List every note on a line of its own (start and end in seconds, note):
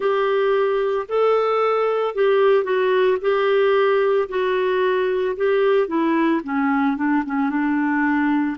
0.00 1.06 G4
1.08 2.14 A4
2.14 2.63 G4
2.63 3.17 F#4
3.21 4.28 G4
4.29 5.36 F#4
5.36 5.87 G4
5.87 6.40 E4
6.43 6.96 C#4
6.96 7.23 D4
7.26 7.49 C#4
7.49 8.56 D4